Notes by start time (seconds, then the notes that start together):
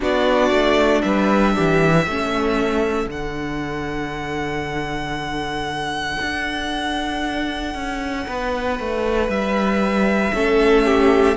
0.00 B3 D4 F#4 D5
0.50 A3
1.01 G3 B4 E5
1.55 E3 G4
2.06 A3 C#4 A4
3.06 D3 D4 F#5
6.21 D4
7.74 C#4
8.27 B3 B4
8.79 A3
9.28 G3 E5
10.33 A3 C#4 A4
10.85 G4